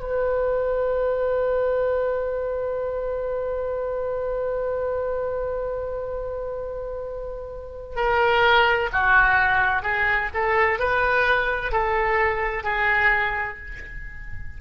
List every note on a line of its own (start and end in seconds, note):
0.00 7.96 B4
7.96 8.90 A#4
8.93 9.83 F#4
9.83 10.30 G#4
10.34 10.79 A4
10.79 11.72 B4
11.72 12.64 A4
12.64 13.58 G#4